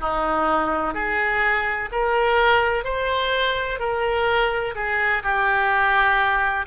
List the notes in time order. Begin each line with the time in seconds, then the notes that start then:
0.00 D#4
0.94 G#4
1.92 A#4
2.84 C5
3.79 A#4
4.75 G#4
5.23 G4